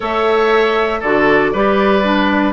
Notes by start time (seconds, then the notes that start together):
0.00 A3 A4 C#5 E5
1.00 D3 F#4 A4 D5
1.52 G3 G4 B4
2.03 D4